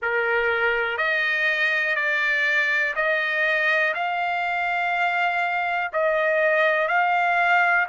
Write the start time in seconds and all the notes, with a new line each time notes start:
0.02 A#4
0.97 D#5
1.95 D5
2.95 D#5
3.94 F5
5.92 D#5
6.88 F5